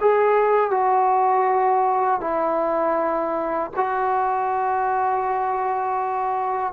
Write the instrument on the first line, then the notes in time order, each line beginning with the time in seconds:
trombone
0.00 G#4
0.70 F#4
2.20 E4
3.76 F#4